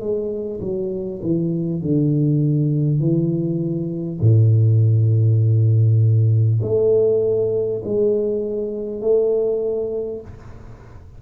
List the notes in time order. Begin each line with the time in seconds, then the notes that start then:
0.00 G#3
0.60 F#3
1.22 E3
1.82 D3
2.99 E3
4.20 A2
6.62 A3
7.84 G#3
9.01 A3